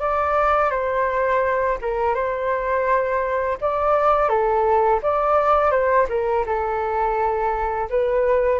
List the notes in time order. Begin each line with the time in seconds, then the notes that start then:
0.00 D5
0.71 C5
1.81 A#4
2.15 C5
3.61 D5
4.29 A4
5.02 D5
5.71 C5
6.09 A#4
6.46 A4
7.90 B4